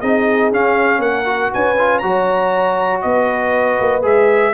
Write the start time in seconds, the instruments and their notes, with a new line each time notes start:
0.00 tuba C4, trombone D#4, horn G#4, trumpet D#5
0.52 tuba C#4, trombone C#4, trumpet F5
0.99 tuba A#3, horn A#4, trumpet F#5
1.25 trombone F#4
1.53 tuba C#4, horn B4, trumpet G#5
1.79 trombone F4
1.99 tuba F#3, trombone F#4, horn C#5, trumpet A#5
3.02 tuba B3, horn B4, trumpet D#5
3.80 tuba A#3
4.02 tuba G#3, trombone G#4, trumpet E5